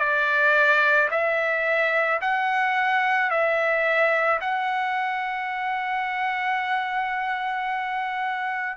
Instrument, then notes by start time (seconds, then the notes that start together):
trumpet
0.00 D5
1.11 E5
2.21 F#5
3.30 E5
4.41 F#5